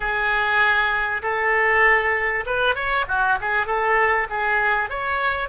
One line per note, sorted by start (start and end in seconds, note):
0.00 1.22 G#4
1.22 2.45 A4
2.45 2.75 B4
2.75 3.05 C#5
3.08 3.38 F#4
3.40 3.66 G#4
3.66 4.27 A4
4.29 4.89 G#4
4.89 5.49 C#5